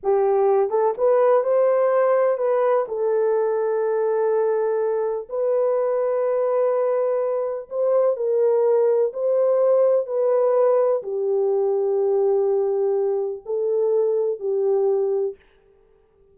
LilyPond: \new Staff \with { instrumentName = "horn" } { \time 4/4 \tempo 4 = 125 g'4. a'8 b'4 c''4~ | c''4 b'4 a'2~ | a'2. b'4~ | b'1 |
c''4 ais'2 c''4~ | c''4 b'2 g'4~ | g'1 | a'2 g'2 | }